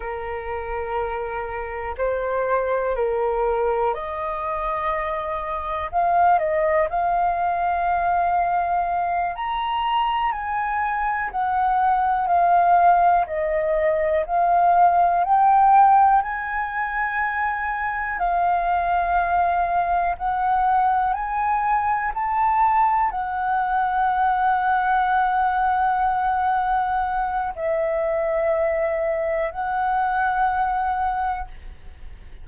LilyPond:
\new Staff \with { instrumentName = "flute" } { \time 4/4 \tempo 4 = 61 ais'2 c''4 ais'4 | dis''2 f''8 dis''8 f''4~ | f''4. ais''4 gis''4 fis''8~ | fis''8 f''4 dis''4 f''4 g''8~ |
g''8 gis''2 f''4.~ | f''8 fis''4 gis''4 a''4 fis''8~ | fis''1 | e''2 fis''2 | }